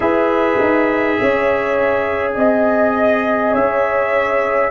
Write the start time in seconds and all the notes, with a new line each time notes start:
0.00 E4 G#4 B4 E5
0.59 D#4
1.20 C#4 C#5
2.34 C4 D#5
3.51 C#4 C#5 E5